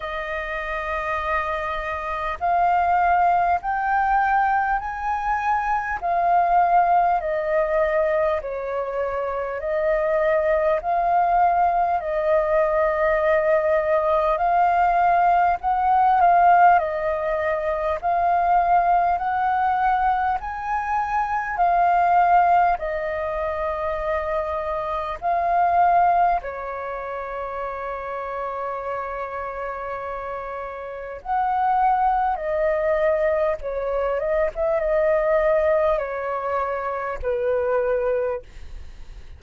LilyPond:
\new Staff \with { instrumentName = "flute" } { \time 4/4 \tempo 4 = 50 dis''2 f''4 g''4 | gis''4 f''4 dis''4 cis''4 | dis''4 f''4 dis''2 | f''4 fis''8 f''8 dis''4 f''4 |
fis''4 gis''4 f''4 dis''4~ | dis''4 f''4 cis''2~ | cis''2 fis''4 dis''4 | cis''8 dis''16 e''16 dis''4 cis''4 b'4 | }